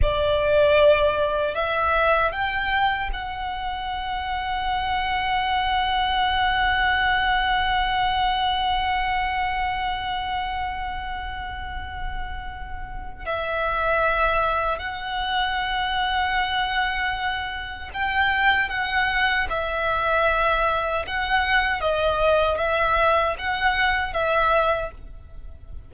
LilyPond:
\new Staff \with { instrumentName = "violin" } { \time 4/4 \tempo 4 = 77 d''2 e''4 g''4 | fis''1~ | fis''1~ | fis''1~ |
fis''4 e''2 fis''4~ | fis''2. g''4 | fis''4 e''2 fis''4 | dis''4 e''4 fis''4 e''4 | }